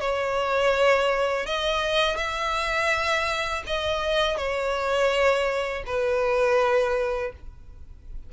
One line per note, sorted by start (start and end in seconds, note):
0.00 1.46 C#5
1.46 2.17 D#5
2.17 3.63 E5
3.67 4.37 D#5
4.37 5.83 C#5
5.86 7.33 B4